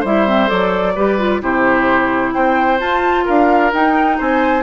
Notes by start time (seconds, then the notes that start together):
0.00 G3 E4 C5 E5
0.27 C4
0.47 F#3 A4 D5
0.95 G3 G4 B4
1.18 F4
1.41 C3 E4 G4 C5
2.33 C4 C5 G5
2.79 F4 A5
3.25 D4 A#4 F5
3.73 D#4 G5
4.18 C4 C5 G#5